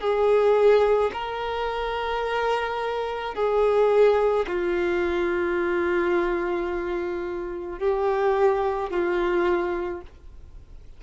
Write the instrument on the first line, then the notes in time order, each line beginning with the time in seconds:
violin
0.00 G#4
1.13 A#4
3.34 G#4
4.47 F4
7.79 G4
8.90 F4